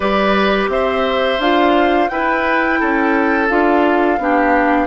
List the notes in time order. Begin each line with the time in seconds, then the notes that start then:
0.00 G3 G4 B4 D5
0.67 C4 C5 E5
1.38 D4 F4 F5
2.08 E4 B4 G5
2.79 C#4 A4
3.48 D4 F4 F5
4.18 B3 D4 G4